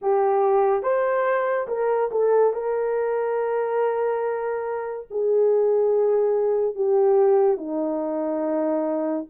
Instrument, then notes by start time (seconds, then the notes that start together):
horn
0.01 G4
0.82 C5
1.67 A#4
2.11 A4
2.53 A#4
5.10 G#4
6.75 G4
7.57 D#4